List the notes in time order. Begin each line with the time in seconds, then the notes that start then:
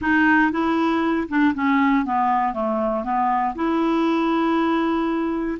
0.01 D#4
0.51 E4
1.28 D4
1.54 C#4
2.05 B3
2.53 A3
3.04 B3
3.55 E4